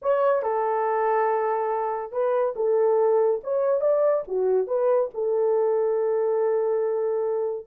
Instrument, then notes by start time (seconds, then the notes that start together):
horn
0.02 C#5
0.42 A4
2.12 B4
2.55 A4
3.43 C#5
3.80 D5
4.27 F#4
4.67 B4
5.14 A4